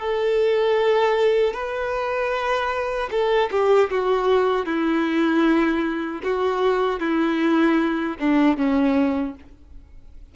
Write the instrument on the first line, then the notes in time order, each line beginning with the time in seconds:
violin
0.00 A4
1.54 B4
3.11 A4
3.51 G4
3.91 F#4
4.66 E4
6.24 F#4
7.00 E4
8.20 D4
8.57 C#4